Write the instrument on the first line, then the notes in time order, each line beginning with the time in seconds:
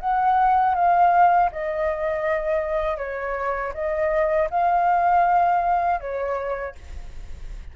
flute
0.00 F#5
0.75 F5
1.52 D#5
2.98 C#5
3.74 D#5
4.50 F5
6.00 C#5